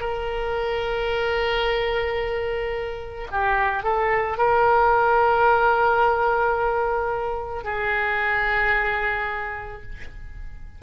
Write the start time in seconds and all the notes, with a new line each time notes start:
0.00 A#4
3.31 G4
3.83 A4
4.38 A#4
7.64 G#4